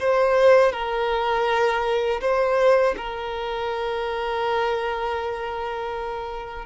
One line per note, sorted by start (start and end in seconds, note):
0.00 0.72 C5
0.72 2.21 A#4
2.21 2.95 C5
2.97 6.66 A#4